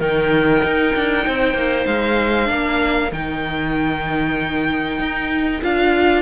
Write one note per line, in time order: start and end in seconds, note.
0.00 0.63 D#3
0.00 2.46 D#4
0.00 1.25 A#4
0.00 1.86 G5
0.64 0.96 D#4
0.96 1.27 D4
1.27 1.54 C4
1.27 2.51 C5
1.54 1.86 A#3
1.86 2.50 G#3
1.86 3.11 F5
2.46 3.12 A#3
2.46 3.08 D4
2.46 6.23 A#4
3.12 4.99 D#3
3.12 5.63 D#4
3.12 5.64 G5
4.99 5.62 D#4
5.63 6.23 D4
5.63 6.23 F4
5.63 6.23 F5